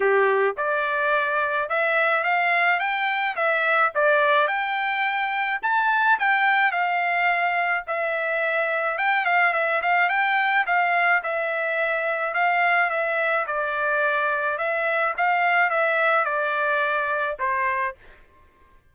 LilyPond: \new Staff \with { instrumentName = "trumpet" } { \time 4/4 \tempo 4 = 107 g'4 d''2 e''4 | f''4 g''4 e''4 d''4 | g''2 a''4 g''4 | f''2 e''2 |
g''8 f''8 e''8 f''8 g''4 f''4 | e''2 f''4 e''4 | d''2 e''4 f''4 | e''4 d''2 c''4 | }